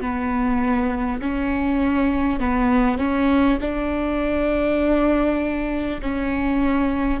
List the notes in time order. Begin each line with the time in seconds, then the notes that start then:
0.00 B3
1.21 C#4
2.39 B3
2.98 C#4
3.61 D4
6.01 C#4